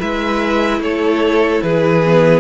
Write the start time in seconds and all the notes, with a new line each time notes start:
0.00 G#3 E4 B4 E5
0.80 A3 A4 C#5
1.62 E3 G#4 B4
2.05 B3